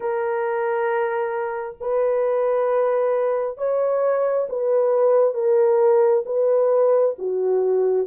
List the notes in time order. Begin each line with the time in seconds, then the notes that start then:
0.00 A#4
1.80 B4
3.57 C#5
4.49 B4
5.34 A#4
6.25 B4
7.18 F#4